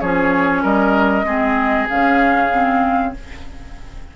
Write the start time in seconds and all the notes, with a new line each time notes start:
0.00 F3 C#4 G#4 C#5
0.63 G3 A#4 D#5
1.24 G#3 C4 G#4
1.89 C#3 C#4 F5
2.52 C4